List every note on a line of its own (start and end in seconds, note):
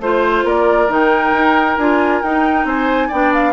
0.00 0.44 A3
0.00 0.89 F4
0.00 0.46 C5
0.00 0.48 C5
0.45 0.89 A#3
0.45 2.67 A#4
0.45 0.92 D5
0.89 1.33 D#3
0.89 1.78 D#4
0.89 1.78 G5
1.33 1.77 D#4
1.78 2.22 D4
1.78 2.24 F4
1.78 2.22 G#5
2.22 2.65 D#4
2.22 3.12 D#4
2.22 2.66 G5
2.65 3.09 C4
2.65 3.08 C5
2.65 3.12 G#5
3.08 3.54 B3
3.08 3.54 D4
3.08 3.53 D5
3.08 3.34 G5
3.34 3.54 F5